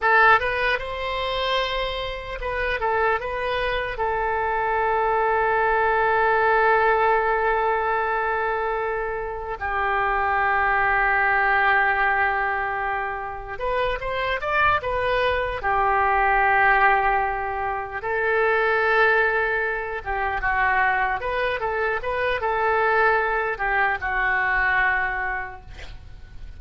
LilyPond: \new Staff \with { instrumentName = "oboe" } { \time 4/4 \tempo 4 = 75 a'8 b'8 c''2 b'8 a'8 | b'4 a'2.~ | a'1 | g'1~ |
g'4 b'8 c''8 d''8 b'4 g'8~ | g'2~ g'8 a'4.~ | a'4 g'8 fis'4 b'8 a'8 b'8 | a'4. g'8 fis'2 | }